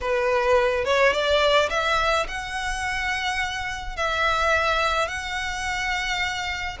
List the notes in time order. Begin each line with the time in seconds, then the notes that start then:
0.01 B4
0.84 C#5
1.12 D5
1.69 E5
2.28 F#5
3.96 E5
5.07 F#5